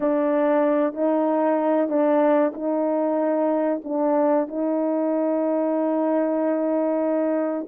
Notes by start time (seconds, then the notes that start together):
0.00 D4
0.94 D#4
1.89 D4
2.54 D#4
3.84 D4
4.48 D#4